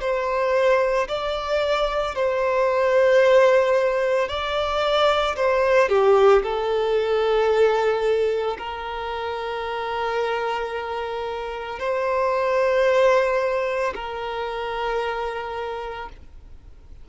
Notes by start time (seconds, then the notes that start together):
0.00 C5
1.08 D5
2.15 C5
4.28 D5
5.36 C5
5.88 G4
6.42 A4
8.58 A#4
11.79 C5
13.95 A#4